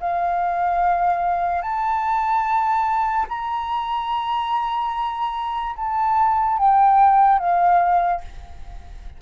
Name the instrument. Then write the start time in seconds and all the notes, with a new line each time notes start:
flute
0.00 F5
1.62 A5
3.29 A#5
5.76 A5
6.58 G5
7.39 F5